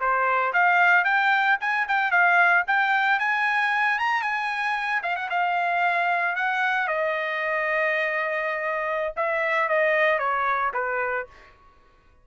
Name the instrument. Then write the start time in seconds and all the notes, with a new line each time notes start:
trumpet
0.00 C5
0.54 F5
1.05 G5
1.60 G#5
1.88 G5
2.11 F5
2.67 G5
3.19 G#5
3.99 A#5
4.22 G#5
5.03 F5
5.16 F#5
5.30 F5
6.36 F#5
6.88 D#5
9.16 E5
9.69 D#5
10.19 C#5
10.74 B4